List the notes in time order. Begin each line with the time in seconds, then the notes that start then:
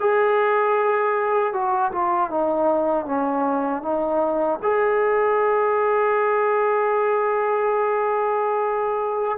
0.00 G#4
1.53 F#4
1.92 F4
2.30 D#4
3.06 C#4
3.83 D#4
4.63 G#4